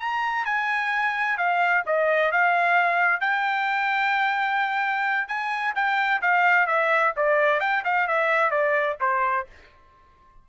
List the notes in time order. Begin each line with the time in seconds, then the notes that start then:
0.00 A#5
0.46 G#5
1.38 F5
1.86 D#5
2.32 F5
3.21 G5
5.28 G#5
5.75 G5
6.22 F5
6.67 E5
7.17 D5
7.60 G5
7.85 F5
8.08 E5
8.51 D5
9.01 C5